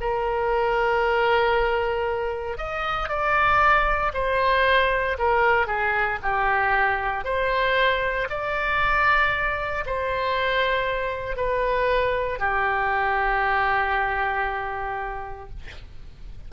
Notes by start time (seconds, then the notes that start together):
0.00 A#4
2.57 D#5
3.08 D5
4.13 C5
5.18 A#4
5.67 G#4
6.22 G4
7.24 C5
8.29 D5
9.86 C5
11.36 B4
12.39 G4